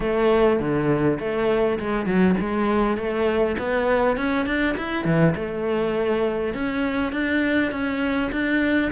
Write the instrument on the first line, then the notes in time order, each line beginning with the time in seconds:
cello
0.00 A3
0.59 D3
1.19 A3
1.79 G#3
2.06 F#3
2.40 G#3
2.97 A3
3.58 B3
4.16 C#4
4.46 D4
4.77 E4
5.04 E3
5.35 A3
6.53 C#4
7.12 D4
7.71 C#4
8.31 D4